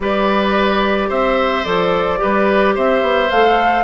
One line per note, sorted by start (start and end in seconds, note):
0.00 1.10 G3
0.00 1.64 G4
0.00 1.08 B4
0.00 1.10 D5
1.08 1.65 C4
1.08 2.19 C5
1.08 1.64 E5
1.64 2.20 F3
1.64 2.18 A4
1.64 2.74 D5
2.18 2.76 G3
2.18 3.28 G4
2.18 2.75 B4
2.75 3.02 C4
2.75 3.84 C5
2.75 3.30 E5
3.02 3.29 B3
3.30 3.84 A3
3.30 3.84 A4
3.30 3.84 F5